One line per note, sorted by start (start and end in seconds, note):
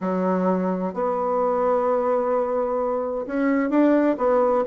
0.00 0.93 F#3
0.93 3.26 B3
3.27 3.70 C#4
3.70 4.16 D4
4.17 4.64 B3